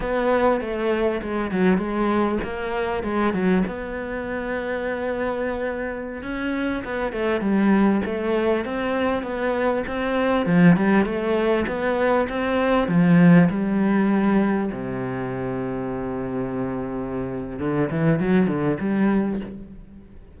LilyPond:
\new Staff \with { instrumentName = "cello" } { \time 4/4 \tempo 4 = 99 b4 a4 gis8 fis8 gis4 | ais4 gis8 fis8 b2~ | b2~ b16 cis'4 b8 a16~ | a16 g4 a4 c'4 b8.~ |
b16 c'4 f8 g8 a4 b8.~ | b16 c'4 f4 g4.~ g16~ | g16 c2.~ c8.~ | c4 d8 e8 fis8 d8 g4 | }